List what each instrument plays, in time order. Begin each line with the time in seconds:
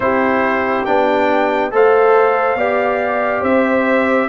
0.00 tuba C4, trombone E4, horn G4, trumpet C5
0.85 tuba B3, trombone D4, trumpet G5
1.71 tuba A3, trombone A4, horn C5, trumpet F5
2.55 tuba B3, trombone G4, horn D5
3.40 tuba C4, horn C5, trumpet E5